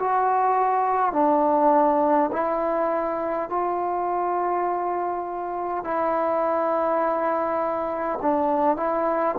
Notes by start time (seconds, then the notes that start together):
0.00 F#4
1.13 D4
2.33 E4
3.50 F4
5.84 E4
8.22 D4
8.77 E4